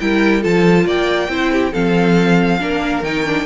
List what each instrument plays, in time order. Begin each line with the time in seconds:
0.00 cello G3, viola E4, violin A#4 G5
0.42 cello F3, viola F4, violin A4 A5
0.85 cello A#3, violin D5 G5
1.29 cello C4, viola E4, violin C5
1.52 violin G4
1.72 cello F3, viola C4, violin A4 F5
2.59 cello A#3, viola D4, violin A#4
3.02 cello D#3, viola D#4, violin G5
3.26 viola D4